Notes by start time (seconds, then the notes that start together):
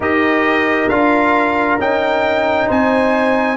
0.00 D#4 G4 A#4 D#5
0.88 D4 F4 F5
1.79 C#4 D#4 G5
2.67 C4 C5 G#5